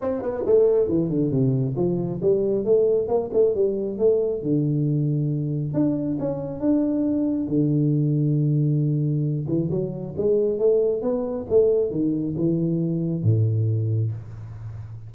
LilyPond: \new Staff \with { instrumentName = "tuba" } { \time 4/4 \tempo 4 = 136 c'8 b8 a4 e8 d8 c4 | f4 g4 a4 ais8 a8 | g4 a4 d2~ | d4 d'4 cis'4 d'4~ |
d'4 d2.~ | d4. e8 fis4 gis4 | a4 b4 a4 dis4 | e2 a,2 | }